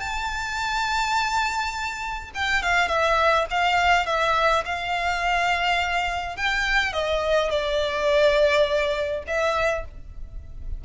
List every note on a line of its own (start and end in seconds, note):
0.00 2.31 A5
2.34 2.62 G5
2.62 2.88 F5
2.88 3.46 E5
3.51 4.06 F5
4.06 4.64 E5
4.65 6.36 F5
6.36 6.93 G5
6.93 7.51 D#5
7.51 9.24 D5
9.27 9.85 E5